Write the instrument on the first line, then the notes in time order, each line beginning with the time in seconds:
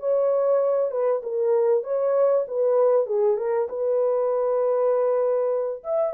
horn
0.00 C#5
0.92 B4
1.23 A#4
1.84 C#5
2.48 B4
3.07 G#4
3.38 A#4
3.69 B4
5.84 E5